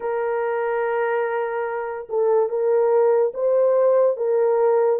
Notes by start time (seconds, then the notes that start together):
0.00 A#4
2.09 A4
2.48 A#4
3.34 C5
4.16 A#4